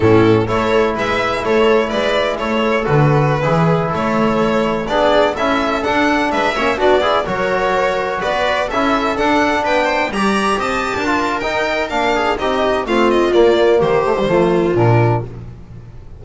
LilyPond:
<<
  \new Staff \with { instrumentName = "violin" } { \time 4/4 \tempo 4 = 126 a'4 cis''4 e''4 cis''4 | d''4 cis''4 b'2~ | b'16 cis''2 d''4 e''8.~ | e''16 fis''4 e''4 d''4 cis''8.~ |
cis''4~ cis''16 d''4 e''4 fis''8.~ | fis''16 g''4 ais''4 a''4.~ a''16 | g''4 f''4 dis''4 f''8 dis''8 | d''4 c''2 ais'4 | }
  \new Staff \with { instrumentName = "viola" } { \time 4/4 e'4 a'4 b'4 a'4 | b'4 a'2~ a'16 gis'8.~ | gis'16 a'2 gis'4 a'8.~ | a'4~ a'16 b'8 cis''8 fis'8 gis'8 ais'8.~ |
ais'4~ ais'16 b'4 a'4.~ a'16~ | a'16 b'8 c''8 d''4 dis''8. ais'4~ | ais'4. gis'8 g'4 f'4~ | f'4 g'4 f'2 | }
  \new Staff \with { instrumentName = "trombone" } { \time 4/4 cis'4 e'2.~ | e'2 fis'4~ fis'16 e'8.~ | e'2~ e'16 d'4 e'8.~ | e'16 d'4. cis'8 d'8 e'8 fis'8.~ |
fis'2~ fis'16 e'4 d'8.~ | d'4~ d'16 g'2 f'8. | dis'4 d'4 dis'4 c'4 | ais4. a16 g16 a4 d'4 | }
  \new Staff \with { instrumentName = "double bass" } { \time 4/4 a,4 a4 gis4 a4 | gis4 a4 d4~ d16 e8.~ | e16 a2 b4 cis'8.~ | cis'16 d'4 gis8 ais8 b4 fis8.~ |
fis4~ fis16 b4 cis'4 d'8.~ | d'16 b4 g4 c'8. d'4 | dis'4 ais4 c'4 a4 | ais4 dis4 f4 ais,4 | }
>>